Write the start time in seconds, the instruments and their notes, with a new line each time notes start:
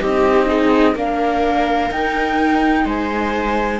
0.00 cello C4, viola D#4 G4, flute D#5
0.47 viola D#4 G#4
0.93 cello A#3, viola D4 A#4, flute F5
1.90 viola D#4, cello D#4, flute G5
2.85 cello G#3, viola C5, flute G#5